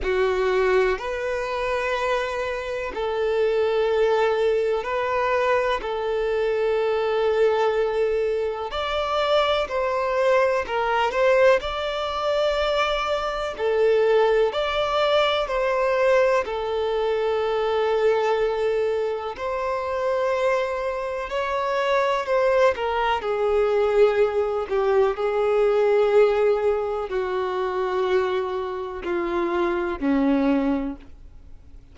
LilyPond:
\new Staff \with { instrumentName = "violin" } { \time 4/4 \tempo 4 = 62 fis'4 b'2 a'4~ | a'4 b'4 a'2~ | a'4 d''4 c''4 ais'8 c''8 | d''2 a'4 d''4 |
c''4 a'2. | c''2 cis''4 c''8 ais'8 | gis'4. g'8 gis'2 | fis'2 f'4 cis'4 | }